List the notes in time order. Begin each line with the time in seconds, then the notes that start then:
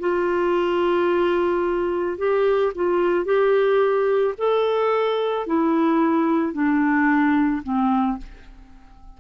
0.00 F4
2.18 G4
2.75 F4
3.25 G4
4.38 A4
5.47 E4
6.53 D4
7.63 C4